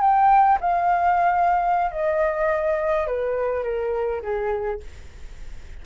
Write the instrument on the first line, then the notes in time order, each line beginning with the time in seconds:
flute
0.00 G5
0.60 F5
1.91 D#5
3.07 B4
3.63 A#4
4.22 G#4